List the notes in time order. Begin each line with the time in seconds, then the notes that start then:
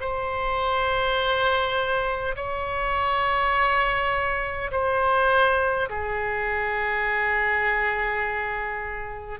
0.00 C5
2.36 C#5
4.71 C5
5.89 G#4